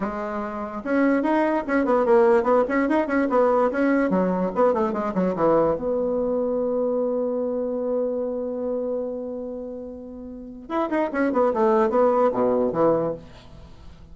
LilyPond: \new Staff \with { instrumentName = "bassoon" } { \time 4/4 \tempo 4 = 146 gis2 cis'4 dis'4 | cis'8 b8 ais4 b8 cis'8 dis'8 cis'8 | b4 cis'4 fis4 b8 a8 | gis8 fis8 e4 b2~ |
b1~ | b1~ | b2 e'8 dis'8 cis'8 b8 | a4 b4 b,4 e4 | }